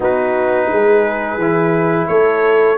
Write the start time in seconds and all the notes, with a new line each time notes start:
0.00 B3 D#4 F#4 B4
0.71 G#3 G#4
1.37 E3 E4
2.07 A3 A4 C#5